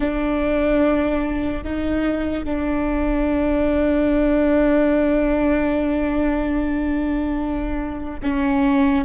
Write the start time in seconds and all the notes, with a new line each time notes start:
0.00 D4
1.63 D#4
2.44 D4
8.22 C#4